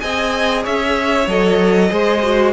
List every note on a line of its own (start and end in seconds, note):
0.00 0.66 C4
0.00 1.26 G#4
0.00 0.63 D#5
0.00 0.63 G#5
0.63 1.27 C#4
0.63 1.90 C#5
0.63 1.29 E5
1.27 1.91 F#3
1.27 1.90 A4
1.27 2.53 D#5
1.90 2.53 G#3
1.90 2.21 G#4
1.90 2.53 C5
2.23 2.53 F#4